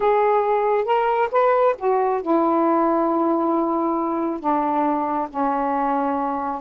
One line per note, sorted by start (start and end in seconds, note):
0.00 0.84 G#4
0.84 1.28 A#4
1.31 1.75 B4
1.78 2.22 F#4
2.22 4.40 E4
4.40 5.28 D4
5.29 6.61 C#4